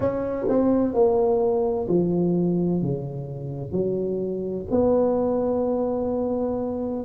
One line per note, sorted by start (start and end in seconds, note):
0.00 0.46 C#4
0.48 0.94 C4
0.94 1.87 A#3
1.88 2.81 F3
2.81 3.72 C#3
3.72 4.65 F#3
4.70 7.05 B3